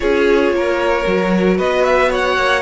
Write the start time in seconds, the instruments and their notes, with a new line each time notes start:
0.00 cello C#4, viola F4, violin G#4 C#5
0.51 cello A#3, violin A#4
1.05 cello F#3, viola F#4
1.57 cello B3, violin B4 D#5
1.84 violin E5
2.10 violin C#5 F#5
2.37 cello A#3